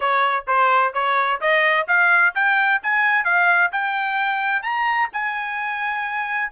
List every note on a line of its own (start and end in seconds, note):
0.00 0.45 C#5
0.47 0.93 C5
0.93 1.40 C#5
1.40 1.87 D#5
1.87 2.34 F5
2.34 2.81 G5
2.82 3.24 G#5
3.24 3.71 F5
3.71 4.62 G5
4.62 5.08 A#5
5.12 6.51 G#5